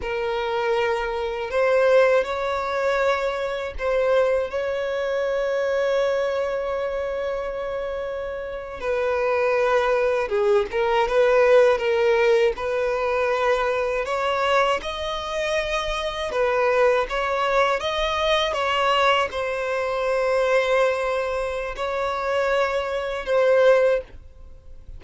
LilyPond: \new Staff \with { instrumentName = "violin" } { \time 4/4 \tempo 4 = 80 ais'2 c''4 cis''4~ | cis''4 c''4 cis''2~ | cis''2.~ cis''8. b'16~ | b'4.~ b'16 gis'8 ais'8 b'4 ais'16~ |
ais'8. b'2 cis''4 dis''16~ | dis''4.~ dis''16 b'4 cis''4 dis''16~ | dis''8. cis''4 c''2~ c''16~ | c''4 cis''2 c''4 | }